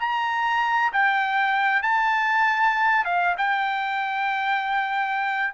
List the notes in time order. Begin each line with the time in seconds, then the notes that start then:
0.00 A#5
0.93 G5
1.82 A5
3.05 F5
3.38 G5